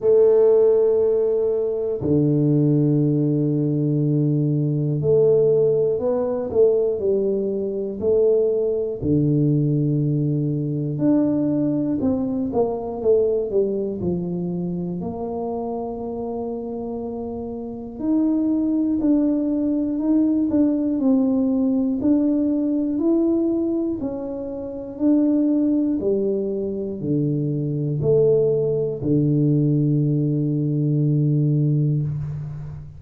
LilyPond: \new Staff \with { instrumentName = "tuba" } { \time 4/4 \tempo 4 = 60 a2 d2~ | d4 a4 b8 a8 g4 | a4 d2 d'4 | c'8 ais8 a8 g8 f4 ais4~ |
ais2 dis'4 d'4 | dis'8 d'8 c'4 d'4 e'4 | cis'4 d'4 g4 d4 | a4 d2. | }